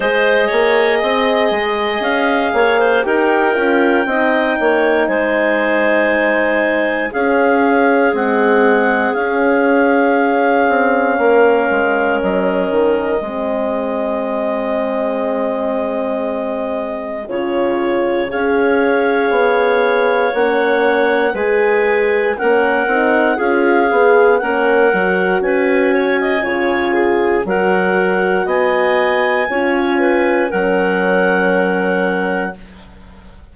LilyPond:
<<
  \new Staff \with { instrumentName = "clarinet" } { \time 4/4 \tempo 4 = 59 dis''2 f''4 g''4~ | g''4 gis''2 f''4 | fis''4 f''2. | dis''1~ |
dis''4 cis''4 f''2 | fis''4 gis''4 fis''4 f''4 | fis''4 gis''2 fis''4 | gis''2 fis''2 | }
  \new Staff \with { instrumentName = "clarinet" } { \time 4/4 c''8 cis''8 dis''4. cis''16 c''16 ais'4 | dis''8 cis''8 c''2 gis'4~ | gis'2. ais'4~ | ais'4 gis'2.~ |
gis'2 cis''2~ | cis''4 b'4 ais'4 gis'4 | ais'4 b'8 cis''16 dis''16 cis''8 gis'8 ais'4 | dis''4 cis''8 b'8 ais'2 | }
  \new Staff \with { instrumentName = "horn" } { \time 4/4 gis'2. g'8 f'8 | dis'2. cis'4 | gis4 cis'2.~ | cis'4 c'2.~ |
c'4 f'4 gis'2 | cis'4 gis'4 cis'8 dis'8 f'8 gis'8 | cis'8 fis'4. f'4 fis'4~ | fis'4 f'4 cis'2 | }
  \new Staff \with { instrumentName = "bassoon" } { \time 4/4 gis8 ais8 c'8 gis8 cis'8 ais8 dis'8 cis'8 | c'8 ais8 gis2 cis'4 | c'4 cis'4. c'8 ais8 gis8 | fis8 dis8 gis2.~ |
gis4 cis4 cis'4 b4 | ais4 gis4 ais8 c'8 cis'8 b8 | ais8 fis8 cis'4 cis4 fis4 | b4 cis'4 fis2 | }
>>